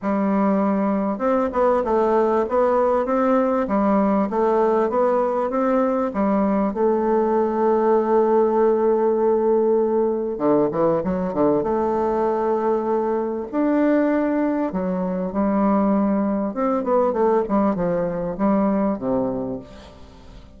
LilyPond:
\new Staff \with { instrumentName = "bassoon" } { \time 4/4 \tempo 4 = 98 g2 c'8 b8 a4 | b4 c'4 g4 a4 | b4 c'4 g4 a4~ | a1~ |
a4 d8 e8 fis8 d8 a4~ | a2 d'2 | fis4 g2 c'8 b8 | a8 g8 f4 g4 c4 | }